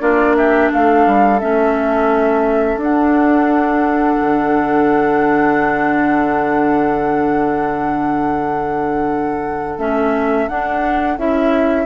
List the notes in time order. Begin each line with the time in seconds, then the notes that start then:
0.00 A#3 D4 F4 D5
0.36 G4 E5
0.73 A3 A4 F5
1.07 G3
1.40 A3 C#4 E5
2.76 D4
2.83 D4 F#5
4.20 D3
9.78 A3 C#4 E5
10.48 D4 F#5
11.18 C#4 E4 E5